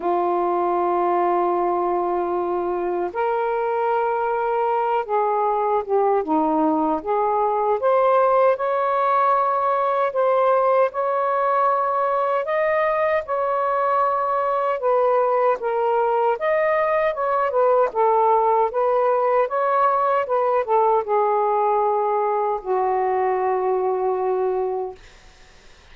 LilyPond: \new Staff \with { instrumentName = "saxophone" } { \time 4/4 \tempo 4 = 77 f'1 | ais'2~ ais'8 gis'4 g'8 | dis'4 gis'4 c''4 cis''4~ | cis''4 c''4 cis''2 |
dis''4 cis''2 b'4 | ais'4 dis''4 cis''8 b'8 a'4 | b'4 cis''4 b'8 a'8 gis'4~ | gis'4 fis'2. | }